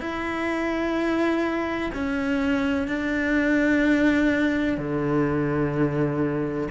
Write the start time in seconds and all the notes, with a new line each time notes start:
0.00 E4
1.94 C#4
2.87 D4
4.77 D3